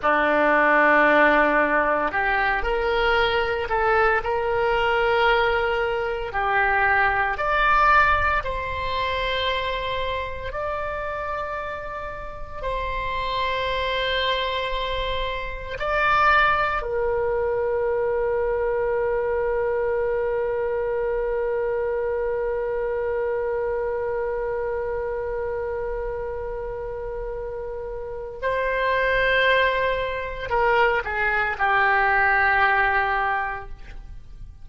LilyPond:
\new Staff \with { instrumentName = "oboe" } { \time 4/4 \tempo 4 = 57 d'2 g'8 ais'4 a'8 | ais'2 g'4 d''4 | c''2 d''2 | c''2. d''4 |
ais'1~ | ais'1~ | ais'2. c''4~ | c''4 ais'8 gis'8 g'2 | }